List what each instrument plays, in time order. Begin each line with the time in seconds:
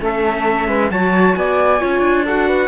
0.00 cello A3, viola C#4, flute A4, trumpet E5
0.68 cello G#3, flute B4
0.91 cello F#3, viola F#4, flute C#5, trumpet A5
1.35 cello B3, flute D5, trumpet G#5
1.79 cello C#4, viola F4, flute C#5
1.99 cello D4
2.25 viola F#4, flute A4, trumpet F#5
2.47 flute B4